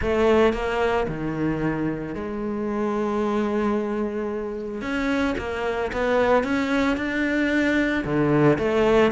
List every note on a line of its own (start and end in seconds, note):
0.01 0.53 A3
0.53 1.06 A#3
1.07 2.15 D#3
2.15 4.81 G#3
4.81 5.35 C#4
5.37 5.91 A#3
5.92 6.43 B3
6.43 6.96 C#4
6.96 8.04 D4
8.04 8.58 D3
8.58 9.11 A3